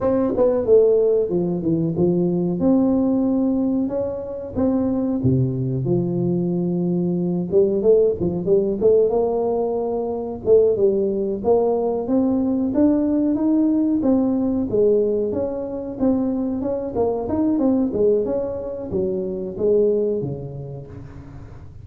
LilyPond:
\new Staff \with { instrumentName = "tuba" } { \time 4/4 \tempo 4 = 92 c'8 b8 a4 f8 e8 f4 | c'2 cis'4 c'4 | c4 f2~ f8 g8 | a8 f8 g8 a8 ais2 |
a8 g4 ais4 c'4 d'8~ | d'8 dis'4 c'4 gis4 cis'8~ | cis'8 c'4 cis'8 ais8 dis'8 c'8 gis8 | cis'4 fis4 gis4 cis4 | }